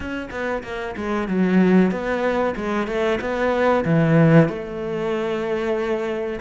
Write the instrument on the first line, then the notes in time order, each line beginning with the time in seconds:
cello
0.00 C#4
0.30 B3
0.63 A#3
0.96 G#3
1.28 F#3
1.91 B3
2.56 G#3
2.87 A3
3.20 B3
3.85 E3
4.48 A3